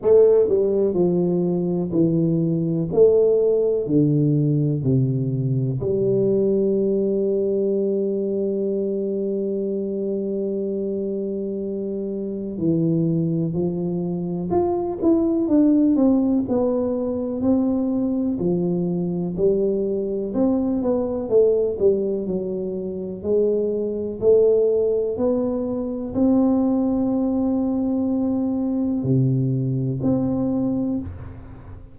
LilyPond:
\new Staff \with { instrumentName = "tuba" } { \time 4/4 \tempo 4 = 62 a8 g8 f4 e4 a4 | d4 c4 g2~ | g1~ | g4 e4 f4 f'8 e'8 |
d'8 c'8 b4 c'4 f4 | g4 c'8 b8 a8 g8 fis4 | gis4 a4 b4 c'4~ | c'2 c4 c'4 | }